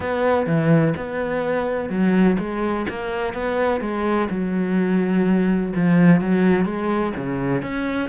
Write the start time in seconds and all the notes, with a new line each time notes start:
0.00 B3
0.46 E3
0.96 B3
1.89 F#3
2.39 G#3
2.89 A#3
3.33 B3
3.81 G#3
4.30 F#3
5.75 F3
6.21 F#3
6.65 G#3
7.16 C#3
7.62 C#4